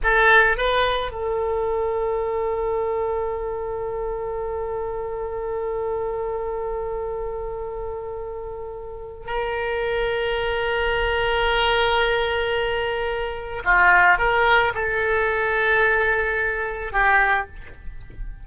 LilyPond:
\new Staff \with { instrumentName = "oboe" } { \time 4/4 \tempo 4 = 110 a'4 b'4 a'2~ | a'1~ | a'1~ | a'1~ |
a'4 ais'2.~ | ais'1~ | ais'4 f'4 ais'4 a'4~ | a'2. g'4 | }